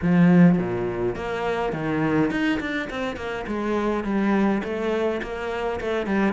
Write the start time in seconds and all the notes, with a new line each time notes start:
0.02 F3
0.58 A#2
1.15 A#3
1.73 D#3
2.31 D#4
2.60 D4
2.90 C4
3.16 A#3
3.47 G#3
4.04 G3
4.63 A3
5.22 A#3
5.80 A3
6.06 G3